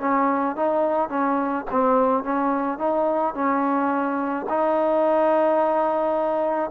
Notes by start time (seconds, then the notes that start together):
0.00 C#4
0.56 D#4
1.09 C#4
1.71 C4
2.24 C#4
2.78 D#4
3.34 C#4
4.49 D#4